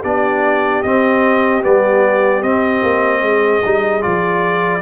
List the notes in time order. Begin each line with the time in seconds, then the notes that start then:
0.00 B3 D4 G4 D5
0.82 C4 D#5
1.62 G3 B3 D5
2.42 C4 D#5
2.82 A#3
3.21 G#3 G#4
3.64 G3 D#4
4.01 F3 F4 D5